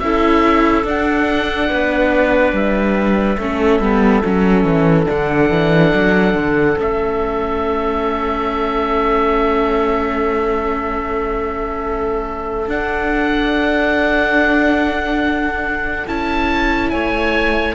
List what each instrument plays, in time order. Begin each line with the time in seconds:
0.00 cello C#4, viola E4, clarinet A4, oboe E5
0.85 cello D4, viola D4, oboe F#5
1.70 cello B3, clarinet B4
2.53 cello G3, oboe E5
3.38 cello A3, viola C#4, clarinet A4
3.80 cello G3, viola B3
4.25 cello F#3, viola C#4
4.65 cello E3
5.06 cello D3, viola D4, oboe F#5
5.51 cello E3
5.94 cello F#3
6.35 cello D3
6.78 cello A3, viola C#4, oboe E5
12.68 cello D4, viola D4, oboe F#5
16.07 cello C#4, viola E4, oboe A5
16.90 cello A3, clarinet C#5, oboe G#5